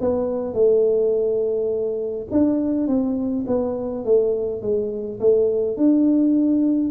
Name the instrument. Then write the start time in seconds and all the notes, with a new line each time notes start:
tuba
0.00 B3
0.53 A3
2.31 D4
2.87 C4
3.47 B3
4.04 A3
4.61 G#3
5.20 A3
5.76 D4